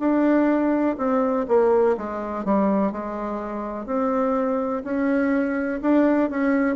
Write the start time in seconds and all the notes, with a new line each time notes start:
0.00 D4
0.98 C4
1.49 A#3
1.98 G#3
2.45 G3
2.93 G#3
3.86 C4
4.84 C#4
5.82 D4
6.30 C#4